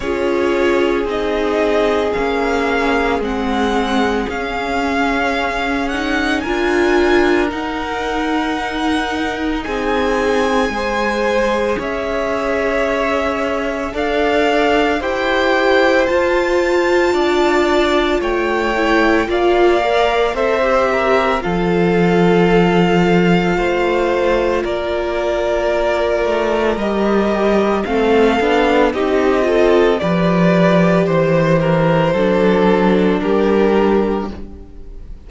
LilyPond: <<
  \new Staff \with { instrumentName = "violin" } { \time 4/4 \tempo 4 = 56 cis''4 dis''4 f''4 fis''4 | f''4. fis''8 gis''4 fis''4~ | fis''4 gis''2 e''4~ | e''4 f''4 g''4 a''4~ |
a''4 g''4 f''4 e''4 | f''2. d''4~ | d''4 dis''4 f''4 dis''4 | d''4 c''2 ais'4 | }
  \new Staff \with { instrumentName = "violin" } { \time 4/4 gis'1~ | gis'2 ais'2~ | ais'4 gis'4 c''4 cis''4~ | cis''4 d''4 c''2 |
d''4 cis''4 d''4 c''8 ais'8 | a'2 c''4 ais'4~ | ais'2 a'4 g'8 a'8 | b'4 c''8 ais'8 a'4 g'4 | }
  \new Staff \with { instrumentName = "viola" } { \time 4/4 f'4 dis'4 cis'4 c'4 | cis'4. dis'8 f'4 dis'4~ | dis'2 gis'2~ | gis'4 a'4 g'4 f'4~ |
f'4. e'8 f'8 ais'8 a'16 g'8. | f'1~ | f'4 g'4 c'8 d'8 dis'8 f'8 | g'2 d'2 | }
  \new Staff \with { instrumentName = "cello" } { \time 4/4 cis'4 c'4 ais4 gis4 | cis'2 d'4 dis'4~ | dis'4 c'4 gis4 cis'4~ | cis'4 d'4 e'4 f'4 |
d'4 a4 ais4 c'4 | f2 a4 ais4~ | ais8 a8 g4 a8 b8 c'4 | f4 e4 fis4 g4 | }
>>